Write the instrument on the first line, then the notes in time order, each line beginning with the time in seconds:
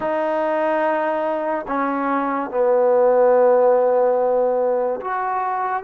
trombone
0.00 D#4
1.67 C#4
2.50 B3
5.00 F#4